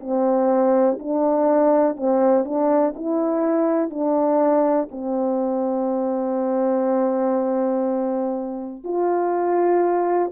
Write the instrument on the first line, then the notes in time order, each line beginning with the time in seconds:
horn
0.00 C4
0.99 D4
1.96 C4
2.45 D4
2.95 E4
3.90 D4
4.91 C4
8.83 F4